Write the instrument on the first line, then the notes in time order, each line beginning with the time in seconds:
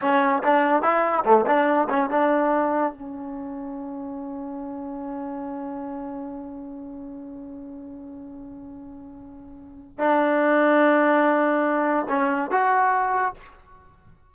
trombone
0.01 C#4
0.43 D4
0.82 E4
1.24 A3
1.46 D4
1.89 C#4
2.09 D4
2.93 C#4
9.98 D4
12.09 C#4
12.50 F#4